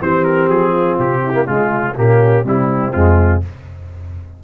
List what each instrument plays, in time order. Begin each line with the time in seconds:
0.00 tuba E3, trombone C4, horn G4, trumpet C5
0.24 trumpet A#4
0.49 tuba F3, trumpet G#4
0.72 horn F4
0.98 tuba C3, trumpet G4
1.23 horn E4
1.33 trombone A#3
1.45 tuba C#3, trombone G#3, horn F4, trumpet F4
1.95 tuba A#2, trombone A#3, horn C#4, trumpet G4
2.44 tuba C3, trombone G3, horn C4, trumpet E4
2.93 tuba F2, trombone G#3, trumpet F4